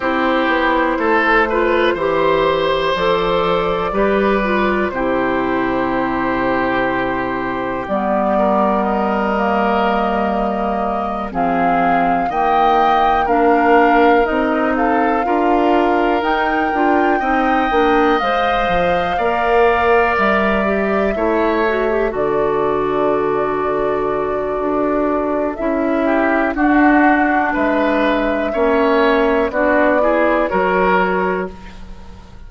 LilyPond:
<<
  \new Staff \with { instrumentName = "flute" } { \time 4/4 \tempo 4 = 61 c''2. d''4~ | d''4 c''2. | d''4 dis''2~ dis''8 f''8~ | f''8 g''4 f''4 dis''8 f''4~ |
f''8 g''2 f''4.~ | f''8 e''2 d''4.~ | d''2 e''4 fis''4 | e''2 d''4 cis''4 | }
  \new Staff \with { instrumentName = "oboe" } { \time 4/4 g'4 a'8 b'8 c''2 | b'4 g'2.~ | g'8 ais'2. gis'8~ | gis'8 dis''4 ais'4. a'8 ais'8~ |
ais'4. dis''2 d''8~ | d''4. cis''4 a'4.~ | a'2~ a'8 g'8 fis'4 | b'4 cis''4 fis'8 gis'8 ais'4 | }
  \new Staff \with { instrumentName = "clarinet" } { \time 4/4 e'4. f'8 g'4 a'4 | g'8 f'8 e'2. | b4. ais2 c'8~ | c'8 ais4 d'4 dis'4 f'8~ |
f'8 dis'8 f'8 dis'8 d'8 c''4 ais'8~ | ais'4 g'8 e'8 fis'16 g'16 fis'4.~ | fis'2 e'4 d'4~ | d'4 cis'4 d'8 e'8 fis'4 | }
  \new Staff \with { instrumentName = "bassoon" } { \time 4/4 c'8 b8 a4 e4 f4 | g4 c2. | g2.~ g8 f8~ | f8 dis4 ais4 c'4 d'8~ |
d'8 dis'8 d'8 c'8 ais8 gis8 f8 ais8~ | ais8 g4 a4 d4.~ | d4 d'4 cis'4 d'4 | gis4 ais4 b4 fis4 | }
>>